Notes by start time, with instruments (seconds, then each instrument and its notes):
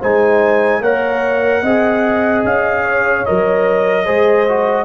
0.00 tuba G#3, trombone D#4, horn C5, trumpet G#5
0.80 tuba A#3, trombone A#4, horn C#5, trumpet F#5
1.62 tuba C4, trombone G#4, horn D#5
2.44 tuba C#4, trumpet F5
2.83 horn C#5
3.25 tuba F#3, trombone A#4, trumpet D#5
4.05 tuba G#3, trombone G#4, horn C5
4.48 trombone F#4